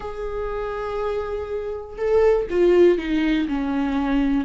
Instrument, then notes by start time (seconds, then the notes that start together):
viola
0.00 G#4
1.97 A4
2.50 F4
2.98 D#4
3.48 C#4